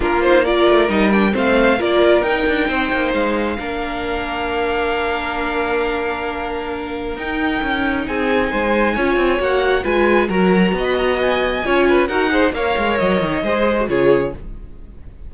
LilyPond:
<<
  \new Staff \with { instrumentName = "violin" } { \time 4/4 \tempo 4 = 134 ais'8 c''8 d''4 dis''8 g''8 f''4 | d''4 g''2 f''4~ | f''1~ | f''1 |
g''2 gis''2~ | gis''4 fis''4 gis''4 ais''4~ | ais''16 b''16 ais''8 gis''2 fis''4 | f''4 dis''2 cis''4 | }
  \new Staff \with { instrumentName = "violin" } { \time 4/4 f'4 ais'2 c''4 | ais'2 c''2 | ais'1~ | ais'1~ |
ais'2 gis'4 c''4 | cis''2 b'4 ais'4 | dis''2 cis''8 b'8 ais'8 c''8 | cis''2 c''4 gis'4 | }
  \new Staff \with { instrumentName = "viola" } { \time 4/4 d'8 dis'8 f'4 dis'8 d'8 c'4 | f'4 dis'2. | d'1~ | d'1 |
dis'1 | f'4 fis'4 f'4 fis'4~ | fis'2 f'4 fis'8 gis'8 | ais'2 gis'8. fis'16 f'4 | }
  \new Staff \with { instrumentName = "cello" } { \time 4/4 ais4. a8 g4 a4 | ais4 dis'8 d'8 c'8 ais8 gis4 | ais1~ | ais1 |
dis'4 cis'4 c'4 gis4 | cis'8 c'8 ais4 gis4 fis4 | b2 cis'4 dis'4 | ais8 gis8 fis8 dis8 gis4 cis4 | }
>>